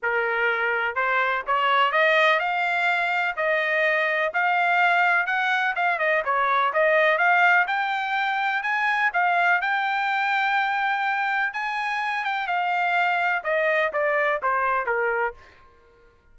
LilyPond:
\new Staff \with { instrumentName = "trumpet" } { \time 4/4 \tempo 4 = 125 ais'2 c''4 cis''4 | dis''4 f''2 dis''4~ | dis''4 f''2 fis''4 | f''8 dis''8 cis''4 dis''4 f''4 |
g''2 gis''4 f''4 | g''1 | gis''4. g''8 f''2 | dis''4 d''4 c''4 ais'4 | }